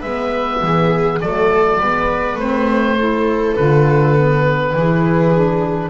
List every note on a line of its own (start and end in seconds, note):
0.00 0.62 G#3
0.00 1.21 B3
0.00 0.59 B4
0.00 1.19 E5
0.62 1.21 E3
0.62 1.23 G#4
1.21 1.81 F#3
1.21 1.80 A3
1.21 1.79 A4
1.21 2.39 D5
1.79 2.36 G#3
1.79 2.39 B3
1.79 2.96 B4
2.36 3.53 A3
2.36 2.98 C4
2.36 3.56 C5
2.96 3.56 E4
2.96 4.73 A4
3.56 4.73 D3
3.56 4.15 F4
3.56 5.90 B4
4.15 4.74 B3
4.73 5.90 E3
4.73 5.34 E4
4.73 5.90 G#4
5.34 5.90 D4